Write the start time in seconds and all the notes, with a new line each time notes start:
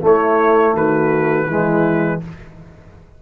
0.00 A3 E4 C#5
0.73 D#3 F#4 B4
1.47 E3 G#3 E4